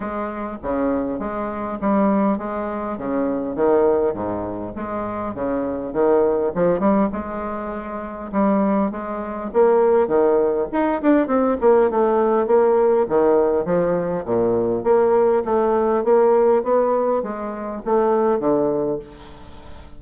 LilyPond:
\new Staff \with { instrumentName = "bassoon" } { \time 4/4 \tempo 4 = 101 gis4 cis4 gis4 g4 | gis4 cis4 dis4 gis,4 | gis4 cis4 dis4 f8 g8 | gis2 g4 gis4 |
ais4 dis4 dis'8 d'8 c'8 ais8 | a4 ais4 dis4 f4 | ais,4 ais4 a4 ais4 | b4 gis4 a4 d4 | }